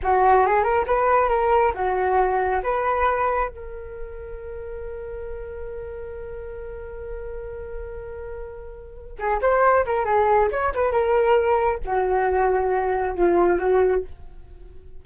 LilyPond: \new Staff \with { instrumentName = "flute" } { \time 4/4 \tempo 4 = 137 fis'4 gis'8 ais'8 b'4 ais'4 | fis'2 b'2 | ais'1~ | ais'1~ |
ais'1~ | ais'4 gis'8 c''4 ais'8 gis'4 | cis''8 b'8 ais'2 fis'4~ | fis'2 f'4 fis'4 | }